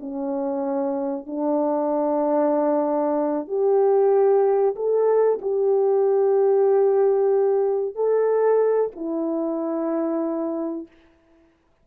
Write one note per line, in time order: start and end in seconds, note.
0.00 1.27 C#4
1.27 3.48 D4
3.48 4.75 G4
4.76 5.39 A4
5.42 7.95 G4
7.95 8.91 A4
8.96 10.87 E4